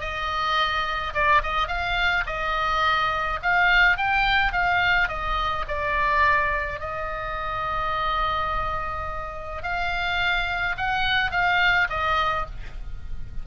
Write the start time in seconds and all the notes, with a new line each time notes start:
0.00 D#5
1.13 D5
1.43 D#5
1.67 F5
2.26 D#5
3.42 F5
3.96 G5
4.52 F5
5.08 D#5
5.68 D5
6.80 D#5
9.62 F5
10.77 F#5
11.31 F5
11.89 D#5